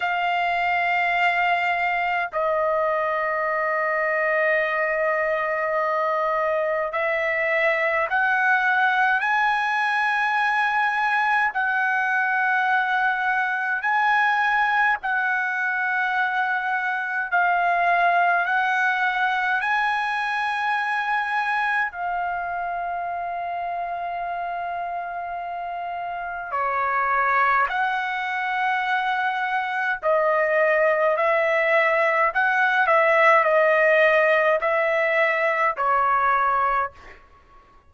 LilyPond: \new Staff \with { instrumentName = "trumpet" } { \time 4/4 \tempo 4 = 52 f''2 dis''2~ | dis''2 e''4 fis''4 | gis''2 fis''2 | gis''4 fis''2 f''4 |
fis''4 gis''2 f''4~ | f''2. cis''4 | fis''2 dis''4 e''4 | fis''8 e''8 dis''4 e''4 cis''4 | }